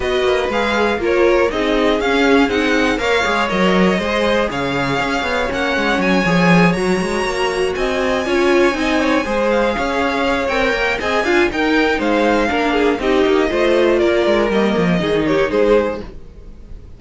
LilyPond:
<<
  \new Staff \with { instrumentName = "violin" } { \time 4/4 \tempo 4 = 120 dis''4 f''4 cis''4 dis''4 | f''4 fis''4 f''4 dis''4~ | dis''4 f''2 fis''4 | gis''4. ais''2 gis''8~ |
gis''2. f''4~ | f''4 g''4 gis''4 g''4 | f''2 dis''2 | d''4 dis''4. cis''8 c''4 | }
  \new Staff \with { instrumentName = "violin" } { \time 4/4 b'2 ais'4 gis'4~ | gis'2 cis''2 | c''4 cis''2.~ | cis''2.~ cis''8 dis''8~ |
dis''8 cis''4 dis''8 cis''8 c''4 cis''8~ | cis''2 dis''8 f''8 ais'4 | c''4 ais'8 gis'8 g'4 c''4 | ais'2 gis'8 g'8 gis'4 | }
  \new Staff \with { instrumentName = "viola" } { \time 4/4 fis'4 gis'4 f'4 dis'4 | cis'4 dis'4 ais'8 gis'8 ais'4 | gis'2. cis'4~ | cis'8 gis'4 fis'2~ fis'8~ |
fis'8 f'4 dis'4 gis'4.~ | gis'4 ais'4 gis'8 f'8 dis'4~ | dis'4 d'4 dis'4 f'4~ | f'4 ais4 dis'2 | }
  \new Staff \with { instrumentName = "cello" } { \time 4/4 b8 ais8 gis4 ais4 c'4 | cis'4 c'4 ais8 gis8 fis4 | gis4 cis4 cis'8 b8 ais8 gis8 | fis8 f4 fis8 gis8 ais4 c'8~ |
c'8 cis'4 c'4 gis4 cis'8~ | cis'4 c'8 ais8 c'8 d'8 dis'4 | gis4 ais4 c'8 ais8 a4 | ais8 gis8 g8 f8 dis4 gis4 | }
>>